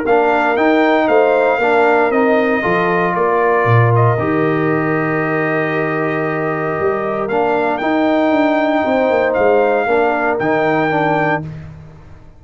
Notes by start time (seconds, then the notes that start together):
0.00 A#3 A#4
0.06 D4 F5
0.56 D#4 G5
1.08 A3 C5 F5
1.59 A#3 D4 A#4
2.11 C4 D#4 D#5
2.62 F3 F4 A4
3.14 A#3 A#4 D5
3.65 A#2
3.95 D#5
4.18 D#3 G4
6.80 G3
7.28 A#3 D4 F5
7.77 D#4 G5
8.31 D4
8.83 C4 C5
9.10 A#3
9.34 G#3 F5
9.86 A#3 D4 A#4
10.39 D#3 D#4 G5
10.90 D4